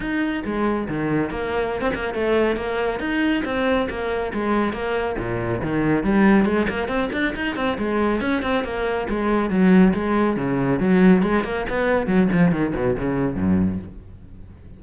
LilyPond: \new Staff \with { instrumentName = "cello" } { \time 4/4 \tempo 4 = 139 dis'4 gis4 dis4 ais4~ | ais16 c'16 ais8 a4 ais4 dis'4 | c'4 ais4 gis4 ais4 | ais,4 dis4 g4 gis8 ais8 |
c'8 d'8 dis'8 c'8 gis4 cis'8 c'8 | ais4 gis4 fis4 gis4 | cis4 fis4 gis8 ais8 b4 | fis8 f8 dis8 b,8 cis4 fis,4 | }